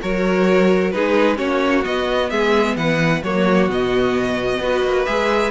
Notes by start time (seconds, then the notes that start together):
0.00 F#3 F#4 A#4 C#5
0.91 G#3 D#4 G#4 B4
1.35 A#3 C#4 F#4 C#5
1.83 B3 D#5
2.29 G#3 G#4 E5
2.76 E3 B4 F#5
3.22 F#3 A#3 F#4 C#5
3.68 B2 B3 D#5
4.59 B3 F#4 B4
4.83 A#3
5.05 G#3 G#4 E5